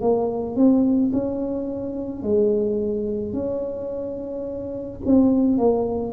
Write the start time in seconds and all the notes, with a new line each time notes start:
0.00 A#3
0.56 C4
1.12 C#4
2.22 G#3
3.32 C#4
5.05 C4
5.57 A#3